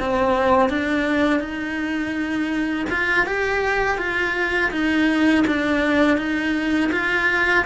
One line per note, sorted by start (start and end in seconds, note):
0.00 0.70 C4
0.70 1.40 D4
1.40 2.86 D#4
2.90 3.27 F4
3.27 3.98 G4
3.98 4.71 F4
4.72 5.45 D#4
5.47 6.18 D4
6.18 6.91 D#4
6.92 7.65 F4